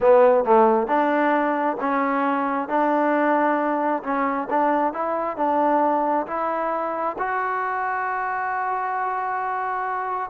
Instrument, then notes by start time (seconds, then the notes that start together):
trombone
0.00 B3
0.44 A3
0.87 D4
1.80 C#4
2.68 D4
4.03 C#4
4.50 D4
4.93 E4
5.36 D4
6.26 E4
7.18 F#4